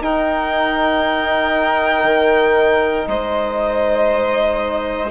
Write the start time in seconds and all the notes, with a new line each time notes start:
0.00 D#4 A#4 G5
2.03 D#3
3.07 G#3 C5 D#5